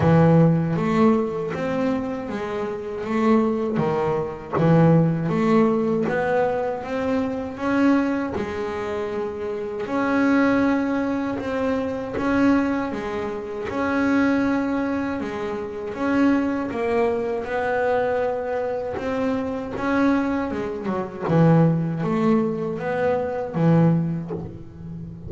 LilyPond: \new Staff \with { instrumentName = "double bass" } { \time 4/4 \tempo 4 = 79 e4 a4 c'4 gis4 | a4 dis4 e4 a4 | b4 c'4 cis'4 gis4~ | gis4 cis'2 c'4 |
cis'4 gis4 cis'2 | gis4 cis'4 ais4 b4~ | b4 c'4 cis'4 gis8 fis8 | e4 a4 b4 e4 | }